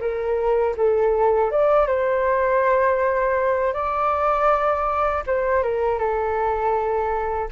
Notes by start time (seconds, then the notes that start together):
0.00 A#4
0.76 A4
1.51 D5
1.87 C5
3.73 D5
5.26 C5
5.63 A#4
5.98 A4